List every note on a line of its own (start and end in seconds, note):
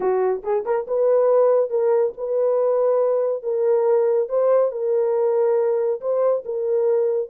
0.00 0.42 F#4
0.43 0.64 G#4
0.65 0.86 A#4
0.87 1.70 B4
1.70 2.13 A#4
2.17 3.42 B4
3.42 4.28 A#4
4.28 4.71 C5
4.71 6.00 A#4
6.00 6.43 C5
6.45 7.29 A#4